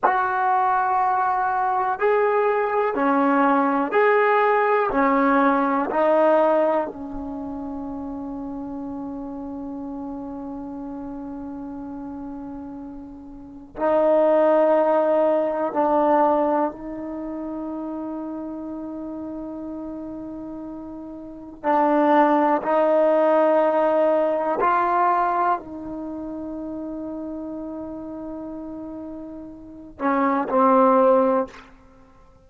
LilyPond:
\new Staff \with { instrumentName = "trombone" } { \time 4/4 \tempo 4 = 61 fis'2 gis'4 cis'4 | gis'4 cis'4 dis'4 cis'4~ | cis'1~ | cis'2 dis'2 |
d'4 dis'2.~ | dis'2 d'4 dis'4~ | dis'4 f'4 dis'2~ | dis'2~ dis'8 cis'8 c'4 | }